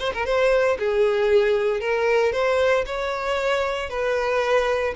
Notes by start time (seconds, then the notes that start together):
0.00 C5
0.14 A#4
0.26 C5
0.79 G#4
1.81 A#4
2.33 C5
2.86 C#5
3.90 B4